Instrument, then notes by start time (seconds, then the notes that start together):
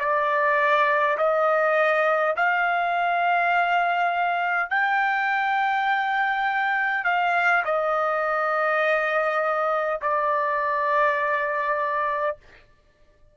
trumpet
0.00 D5
1.18 D#5
2.37 F5
4.70 G5
7.05 F5
7.65 D#5
10.02 D5